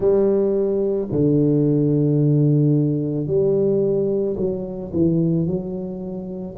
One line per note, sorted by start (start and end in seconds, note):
0.00 1.08 G3
1.12 3.27 D3
3.27 4.36 G3
4.36 4.91 F#3
4.93 5.46 E3
5.46 6.56 F#3